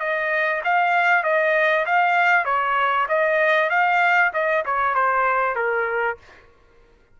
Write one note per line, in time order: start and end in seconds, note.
0.00 0.62 D#5
0.64 1.24 F5
1.24 1.86 D#5
1.86 2.45 F5
2.45 3.07 C#5
3.09 3.70 D#5
3.70 4.32 F5
4.33 4.64 D#5
4.66 4.95 C#5
4.95 5.56 C5
5.56 6.17 A#4